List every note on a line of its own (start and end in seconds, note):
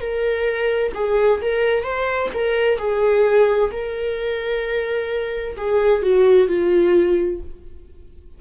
0.00 0.92 A#4
0.94 1.41 G#4
1.42 1.83 A#4
1.83 2.30 C5
2.34 2.78 A#4
2.78 3.70 G#4
3.72 5.56 A#4
5.57 6.03 G#4
6.03 6.48 F#4
6.48 7.40 F4